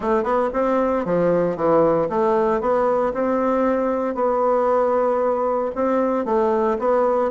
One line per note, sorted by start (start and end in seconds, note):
0.00 0.23 A3
0.23 0.49 B3
0.53 1.05 C4
1.05 1.56 F3
1.56 2.08 E3
2.09 2.60 A3
2.60 3.12 B3
3.13 4.15 C4
4.15 5.71 B3
5.75 6.25 C4
6.25 6.77 A3
6.78 7.31 B3